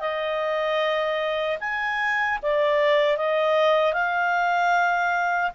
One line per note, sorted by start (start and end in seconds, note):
0.00 1.58 D#5
1.60 2.39 G#5
2.42 3.17 D5
3.17 3.93 D#5
3.93 5.51 F5